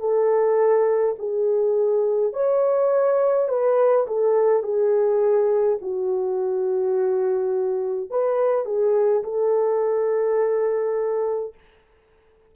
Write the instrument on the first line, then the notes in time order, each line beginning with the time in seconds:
horn
0.00 A4
1.19 G#4
2.33 C#5
3.49 B4
4.08 A4
4.64 G#4
5.82 F#4
8.10 B4
8.65 G#4
9.24 A4